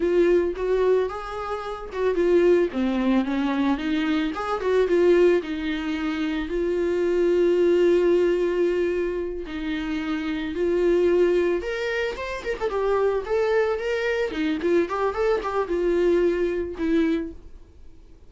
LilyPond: \new Staff \with { instrumentName = "viola" } { \time 4/4 \tempo 4 = 111 f'4 fis'4 gis'4. fis'8 | f'4 c'4 cis'4 dis'4 | gis'8 fis'8 f'4 dis'2 | f'1~ |
f'4. dis'2 f'8~ | f'4. ais'4 c''8 ais'16 a'16 g'8~ | g'8 a'4 ais'4 dis'8 f'8 g'8 | a'8 g'8 f'2 e'4 | }